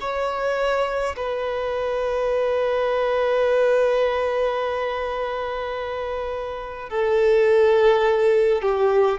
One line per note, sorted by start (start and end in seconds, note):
0.00 1.15 C#5
1.16 6.89 B4
6.89 8.62 A4
8.62 9.19 G4